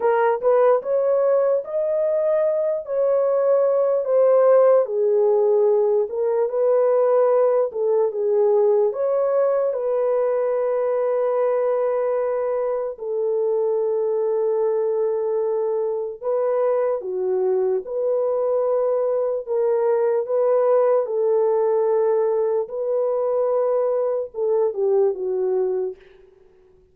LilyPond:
\new Staff \with { instrumentName = "horn" } { \time 4/4 \tempo 4 = 74 ais'8 b'8 cis''4 dis''4. cis''8~ | cis''4 c''4 gis'4. ais'8 | b'4. a'8 gis'4 cis''4 | b'1 |
a'1 | b'4 fis'4 b'2 | ais'4 b'4 a'2 | b'2 a'8 g'8 fis'4 | }